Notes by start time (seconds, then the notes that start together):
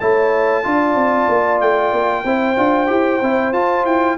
0.00 A3 E4 C#5 A5
0.64 D4 F4 D5
0.95 C4
1.29 A#3
1.60 A3 G5
1.93 A#3
2.24 C4 E4 C5
2.56 D4 F4
2.87 E4 G4
3.22 C4 E4
3.53 F4 A5
3.85 E4 G5